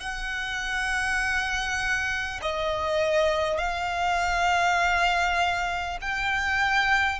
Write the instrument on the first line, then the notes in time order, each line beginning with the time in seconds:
violin
0.00 F#5
2.42 D#5
3.58 F5
6.02 G5